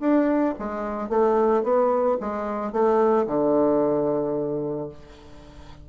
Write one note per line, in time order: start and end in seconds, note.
0.00 0.54 D4
0.59 1.09 G#3
1.09 1.63 A3
1.63 2.17 B3
2.20 2.72 G#3
2.72 3.26 A3
3.27 4.89 D3